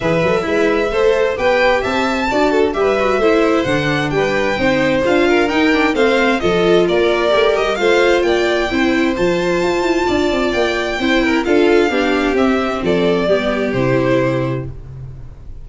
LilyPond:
<<
  \new Staff \with { instrumentName = "violin" } { \time 4/4 \tempo 4 = 131 e''2. g''4 | a''2 e''2 | fis''4 g''2 f''4 | g''4 f''4 dis''4 d''4~ |
d''8 dis''8 f''4 g''2 | a''2. g''4~ | g''4 f''2 e''4 | d''2 c''2 | }
  \new Staff \with { instrumentName = "violin" } { \time 4/4 b'4 e'4 c''4 b'4 | e''4 d''8 a'8 b'4 c''4~ | c''4 b'4 c''4. ais'8~ | ais'4 c''4 a'4 ais'4~ |
ais'4 c''4 d''4 c''4~ | c''2 d''2 | c''8 ais'8 a'4 g'2 | a'4 g'2. | }
  \new Staff \with { instrumentName = "viola" } { \time 4/4 gis'8 a'8 b'4 a'4 g'4~ | g'4 fis'4 g'8 fis'8 e'4 | d'2 dis'4 f'4 | dis'8 d'8 c'4 f'2 |
g'4 f'2 e'4 | f'1 | e'4 f'4 d'4 c'4~ | c'4 b4 e'2 | }
  \new Staff \with { instrumentName = "tuba" } { \time 4/4 e8 fis8 gis4 a4 b4 | c'4 d'4 g4 a4 | d4 g4 c'4 d'4 | dis'4 a4 f4 ais4 |
a8 g8 a4 ais4 c'4 | f4 f'8 e'8 d'8 c'8 ais4 | c'4 d'4 b4 c'4 | f4 g4 c2 | }
>>